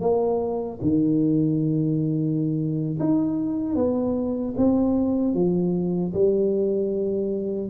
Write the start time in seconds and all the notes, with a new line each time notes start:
0.00 A#3
0.81 D#3
2.99 D#4
3.75 B3
4.56 C4
5.34 F3
6.13 G3